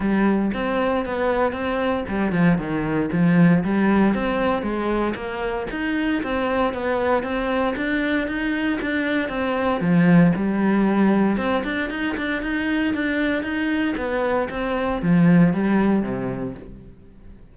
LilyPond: \new Staff \with { instrumentName = "cello" } { \time 4/4 \tempo 4 = 116 g4 c'4 b4 c'4 | g8 f8 dis4 f4 g4 | c'4 gis4 ais4 dis'4 | c'4 b4 c'4 d'4 |
dis'4 d'4 c'4 f4 | g2 c'8 d'8 dis'8 d'8 | dis'4 d'4 dis'4 b4 | c'4 f4 g4 c4 | }